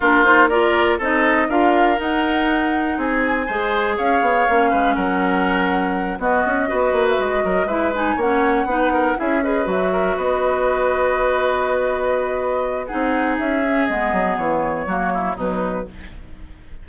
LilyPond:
<<
  \new Staff \with { instrumentName = "flute" } { \time 4/4 \tempo 4 = 121 ais'8 c''8 d''4 dis''4 f''4 | fis''2 gis''2 | f''2 fis''2~ | fis''8 dis''4.~ dis''16 e''16 dis''4 e''8 |
gis''8 fis''2 e''8 dis''8 e''8~ | e''8 dis''2.~ dis''8~ | dis''2 fis''4 e''4 | dis''4 cis''2 b'4 | }
  \new Staff \with { instrumentName = "oboe" } { \time 4/4 f'4 ais'4 a'4 ais'4~ | ais'2 gis'4 c''4 | cis''4. b'8 ais'2~ | ais'8 fis'4 b'4. ais'8 b'8~ |
b'8 cis''4 b'8 ais'8 gis'8 b'4 | ais'8 b'2.~ b'8~ | b'2 gis'2~ | gis'2 fis'8 e'8 dis'4 | }
  \new Staff \with { instrumentName = "clarinet" } { \time 4/4 d'8 dis'8 f'4 dis'4 f'4 | dis'2. gis'4~ | gis'4 cis'2.~ | cis'8 b4 fis'2 e'8 |
dis'8 cis'4 dis'4 e'8 gis'8 fis'8~ | fis'1~ | fis'2 dis'4. cis'8 | b2 ais4 fis4 | }
  \new Staff \with { instrumentName = "bassoon" } { \time 4/4 ais2 c'4 d'4 | dis'2 c'4 gis4 | cis'8 b8 ais8 gis8 fis2~ | fis8 b8 cis'8 b8 ais8 gis8 fis8 gis8~ |
gis8 ais4 b4 cis'4 fis8~ | fis8 b2.~ b8~ | b2 c'4 cis'4 | gis8 fis8 e4 fis4 b,4 | }
>>